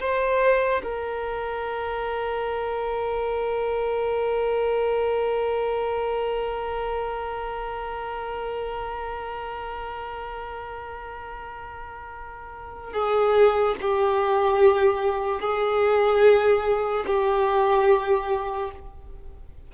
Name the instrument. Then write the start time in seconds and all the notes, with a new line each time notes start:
violin
0.00 C5
0.83 A#4
12.93 G#4
13.81 G4
15.41 G#4
17.07 G4